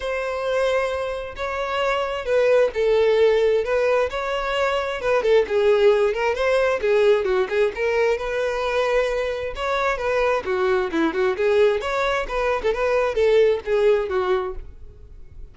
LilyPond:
\new Staff \with { instrumentName = "violin" } { \time 4/4 \tempo 4 = 132 c''2. cis''4~ | cis''4 b'4 a'2 | b'4 cis''2 b'8 a'8 | gis'4. ais'8 c''4 gis'4 |
fis'8 gis'8 ais'4 b'2~ | b'4 cis''4 b'4 fis'4 | e'8 fis'8 gis'4 cis''4 b'8. a'16 | b'4 a'4 gis'4 fis'4 | }